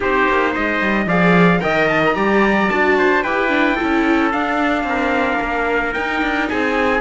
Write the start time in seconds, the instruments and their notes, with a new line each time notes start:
0.00 cello C4, viola D#4, trumpet G4 C5
0.28 cello A#3
0.51 cello G#3, trumpet C5 D#5
0.81 cello G3
1.06 cello F3, viola G#4, trumpet D5 F5
1.59 cello D#3, viola A#4, trumpet D#5 G5
1.88 trumpet A5
2.05 trumpet A#5
2.15 cello G3, viola G4, trumpet D5
2.69 cello D4, viola F#4, trumpet A5
2.98 trumpet C5
3.23 cello E4, viola G4, trumpet B4 G5
3.48 viola D4
3.75 viola E4, trumpet A4
3.82 cello C#4
4.32 viola D4, cello D4, trumpet F5
4.83 cello C4, trumpet A#4
5.41 cello A#3
5.93 viola D#4, cello D#4, trumpet G5
6.21 cello D4
6.48 cello C4, trumpet G#4 G#5